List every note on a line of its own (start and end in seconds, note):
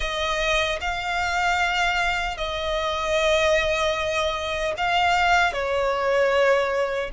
0.00 0.79 D#5
0.80 2.37 F5
2.37 4.74 D#5
4.77 5.52 F5
5.52 7.10 C#5